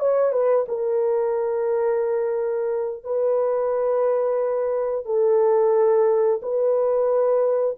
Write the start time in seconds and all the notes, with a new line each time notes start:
0.00 C#5
0.32 B4
0.69 A#4
3.04 B4
5.06 A4
6.42 B4